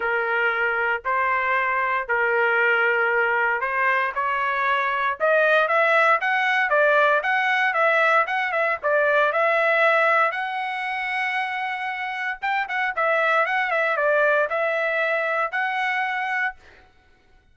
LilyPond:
\new Staff \with { instrumentName = "trumpet" } { \time 4/4 \tempo 4 = 116 ais'2 c''2 | ais'2. c''4 | cis''2 dis''4 e''4 | fis''4 d''4 fis''4 e''4 |
fis''8 e''8 d''4 e''2 | fis''1 | g''8 fis''8 e''4 fis''8 e''8 d''4 | e''2 fis''2 | }